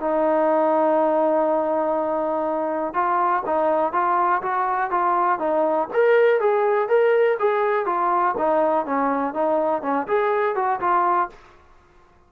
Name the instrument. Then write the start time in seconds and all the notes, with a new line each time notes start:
trombone
0.00 D#4
2.94 F4
3.45 D#4
3.93 F4
4.42 F#4
4.90 F4
5.39 D#4
5.93 A#4
6.40 G#4
6.88 A#4
7.39 G#4
7.85 F4
8.37 D#4
8.86 C#4
9.34 D#4
9.82 C#4
10.07 G#4
10.55 F#4
10.80 F4